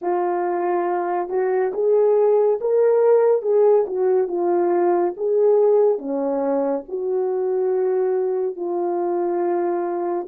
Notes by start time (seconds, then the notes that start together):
0.01 F4
1.29 F#4
1.73 G#4
2.61 A#4
3.42 G#4
3.86 F#4
4.27 F4
5.17 G#4
5.98 C#4
6.88 F#4
8.56 F4